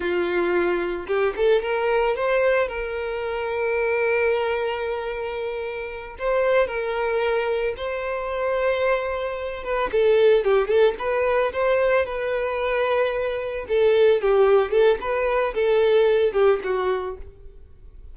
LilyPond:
\new Staff \with { instrumentName = "violin" } { \time 4/4 \tempo 4 = 112 f'2 g'8 a'8 ais'4 | c''4 ais'2.~ | ais'2.~ ais'8 c''8~ | c''8 ais'2 c''4.~ |
c''2 b'8 a'4 g'8 | a'8 b'4 c''4 b'4.~ | b'4. a'4 g'4 a'8 | b'4 a'4. g'8 fis'4 | }